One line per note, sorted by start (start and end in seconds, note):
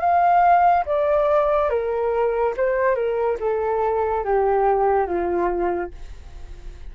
0.00 0.85 F5
0.86 1.70 D5
1.70 2.54 A#4
2.57 2.95 C5
2.95 3.37 A#4
3.40 4.24 A4
4.24 5.07 G4
5.07 5.91 F4